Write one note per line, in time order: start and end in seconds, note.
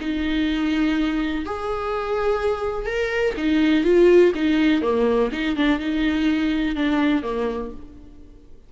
0.00 1.45 D#4
1.46 2.86 G#4
2.86 3.34 A#4
3.37 3.84 D#4
3.84 4.33 F4
4.35 4.82 D#4
4.82 5.30 A#3
5.32 5.56 D#4
5.56 5.80 D4
5.80 6.75 D#4
6.75 7.23 D4
7.23 7.71 A#3